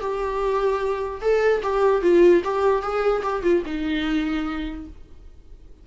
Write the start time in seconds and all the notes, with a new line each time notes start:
0.00 G4
1.22 A4
1.63 G4
2.02 F4
2.44 G4
2.82 G#4
3.23 G4
3.43 F4
3.66 D#4